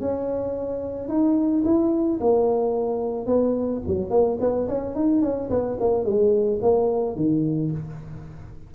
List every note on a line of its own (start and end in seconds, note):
0.00 1.08 C#4
1.08 1.63 D#4
1.64 2.19 E4
2.20 3.26 A#3
3.26 3.81 B3
3.87 4.10 F#3
4.10 4.37 A#3
4.40 4.68 B3
4.68 4.95 C#4
4.95 5.22 D#4
5.22 5.49 C#4
5.50 5.77 B3
5.79 6.04 A#3
6.04 6.59 G#3
6.62 7.16 A#3
7.16 7.71 D#3